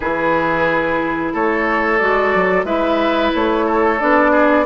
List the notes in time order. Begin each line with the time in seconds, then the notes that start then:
0.00 E3 E4 G#4 B4
1.33 A3 A4 C#5
1.98 G#3 F#4 D5
2.34 F#3
2.64 G#3 E4 B4 E5
3.34 A3 C#5
3.66 A4
3.99 B3 D4 D5
4.31 G#4